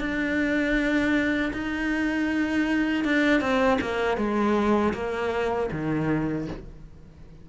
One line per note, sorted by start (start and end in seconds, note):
0.00 1.52 D4
1.53 3.04 D#4
3.04 3.40 D4
3.40 3.78 C4
3.81 4.17 A#3
4.17 4.93 G#3
4.93 5.69 A#3
5.71 6.47 D#3